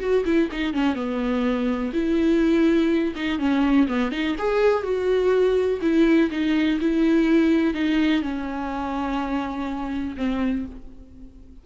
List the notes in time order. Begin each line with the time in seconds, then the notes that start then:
0.00 F#4
0.25 E4
0.51 D#4
0.74 C#4
0.95 B3
1.93 E4
3.15 D#4
3.39 C#4
3.88 B3
4.12 D#4
4.38 G#4
4.83 F#4
5.81 E4
6.31 D#4
6.80 E4
7.74 D#4
8.22 C#4
10.17 C4